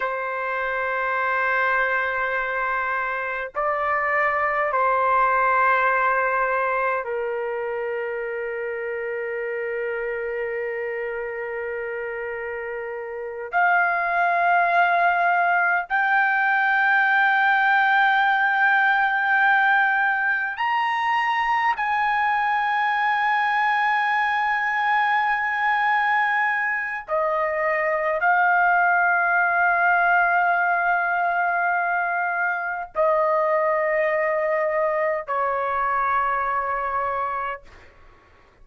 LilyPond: \new Staff \with { instrumentName = "trumpet" } { \time 4/4 \tempo 4 = 51 c''2. d''4 | c''2 ais'2~ | ais'2.~ ais'8 f''8~ | f''4. g''2~ g''8~ |
g''4. ais''4 gis''4.~ | gis''2. dis''4 | f''1 | dis''2 cis''2 | }